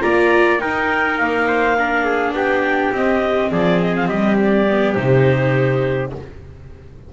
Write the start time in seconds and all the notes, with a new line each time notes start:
0.00 A#3 F4 D5 A#5
0.58 D#4 A#4 G5
1.18 A#3 F5
1.47 C5
1.78 D4 A#4
2.05 G#4
2.32 B3 G4 G5
2.93 C4 D#5
3.51 F3 G#4 D5
3.81 D#5
3.96 F5
4.07 G3 G4 D#5
4.40 D5
4.68 B3
4.94 C3 D#4 C5